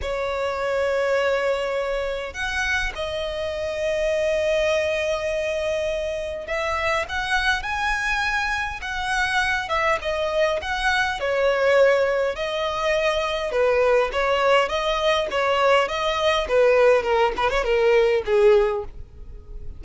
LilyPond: \new Staff \with { instrumentName = "violin" } { \time 4/4 \tempo 4 = 102 cis''1 | fis''4 dis''2.~ | dis''2. e''4 | fis''4 gis''2 fis''4~ |
fis''8 e''8 dis''4 fis''4 cis''4~ | cis''4 dis''2 b'4 | cis''4 dis''4 cis''4 dis''4 | b'4 ais'8 b'16 cis''16 ais'4 gis'4 | }